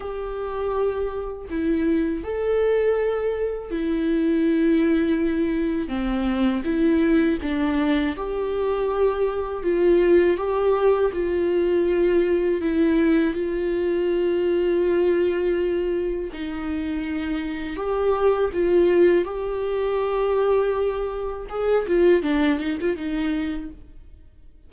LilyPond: \new Staff \with { instrumentName = "viola" } { \time 4/4 \tempo 4 = 81 g'2 e'4 a'4~ | a'4 e'2. | c'4 e'4 d'4 g'4~ | g'4 f'4 g'4 f'4~ |
f'4 e'4 f'2~ | f'2 dis'2 | g'4 f'4 g'2~ | g'4 gis'8 f'8 d'8 dis'16 f'16 dis'4 | }